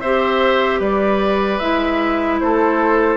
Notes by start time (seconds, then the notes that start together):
0.00 C4 G4 C5 E5
0.80 G3 B4 D5
1.58 G#3 E4 E5
2.39 A3 A4 C5